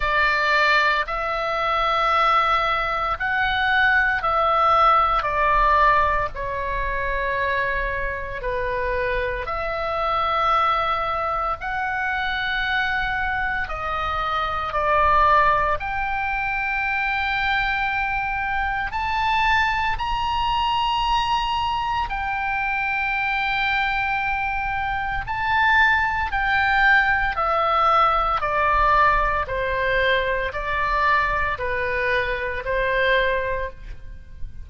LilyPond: \new Staff \with { instrumentName = "oboe" } { \time 4/4 \tempo 4 = 57 d''4 e''2 fis''4 | e''4 d''4 cis''2 | b'4 e''2 fis''4~ | fis''4 dis''4 d''4 g''4~ |
g''2 a''4 ais''4~ | ais''4 g''2. | a''4 g''4 e''4 d''4 | c''4 d''4 b'4 c''4 | }